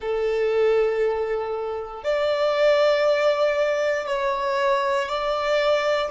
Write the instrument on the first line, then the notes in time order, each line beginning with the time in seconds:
violin
0.00 A4
2.03 D5
4.07 C#5
5.08 D5